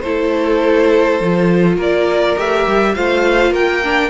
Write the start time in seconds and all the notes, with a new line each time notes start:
0.00 A3 E4 A4 C5
1.20 F3 F4
1.76 A#3 A#4 D5
2.37 A3 G4 E5
2.67 G3
2.95 A3 F4 C5 F5
3.51 A#3 A#4 G5
3.84 D4